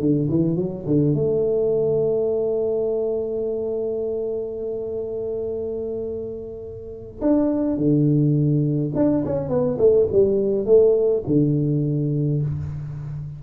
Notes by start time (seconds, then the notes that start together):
0.00 D3
0.29 E3
0.56 F#3
0.86 D3
1.15 A3
7.21 D4
7.77 D3
8.96 D4
9.25 C#4
9.49 B3
9.78 A3
10.12 G3
10.66 A3
11.27 D3